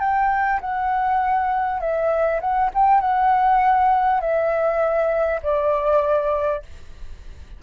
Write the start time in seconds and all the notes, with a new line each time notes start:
0.00 G5
0.61 F#5
1.81 E5
2.41 F#5
2.74 G5
3.01 F#5
4.21 E5
5.43 D5